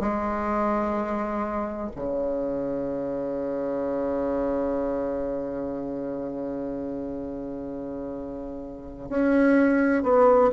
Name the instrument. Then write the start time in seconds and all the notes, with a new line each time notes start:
bassoon
0.00 G#3
1.96 C#3
9.09 C#4
10.03 B3